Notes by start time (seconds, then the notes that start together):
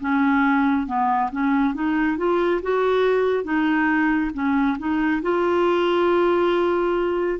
0.00 C#4
0.87 B3
1.32 C#4
1.74 D#4
2.17 F4
2.62 F#4
3.44 D#4
4.34 C#4
4.79 D#4
5.22 F4